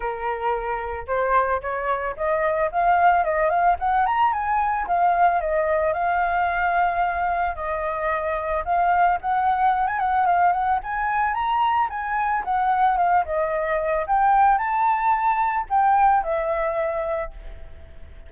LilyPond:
\new Staff \with { instrumentName = "flute" } { \time 4/4 \tempo 4 = 111 ais'2 c''4 cis''4 | dis''4 f''4 dis''8 f''8 fis''8 ais''8 | gis''4 f''4 dis''4 f''4~ | f''2 dis''2 |
f''4 fis''4~ fis''16 gis''16 fis''8 f''8 fis''8 | gis''4 ais''4 gis''4 fis''4 | f''8 dis''4. g''4 a''4~ | a''4 g''4 e''2 | }